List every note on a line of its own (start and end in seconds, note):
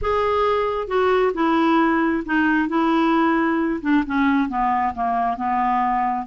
0.01 0.87 G#4
0.87 1.32 F#4
1.34 2.23 E4
2.25 2.68 D#4
2.68 3.80 E4
3.81 4.03 D4
4.06 4.49 C#4
4.49 4.93 B3
4.94 5.36 A#3
5.36 6.26 B3